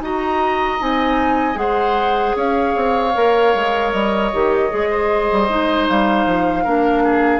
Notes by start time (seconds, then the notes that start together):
0.00 D#4 F#4 D#5 A#5
0.79 C4 D#4 G#5
1.55 G#3 G#4 C5 F#5
2.36 C#4 C#5 F5
2.76 C4
3.14 A#3 A#4
3.55 G#3
3.92 G3 D#5
4.33 D#3 G4
4.70 G#3 G#4
4.90 C5
5.32 G3
5.49 G#3 D#4
5.88 G3 F5
6.26 F3
6.64 A#3 D4 A#4
7.04 G#4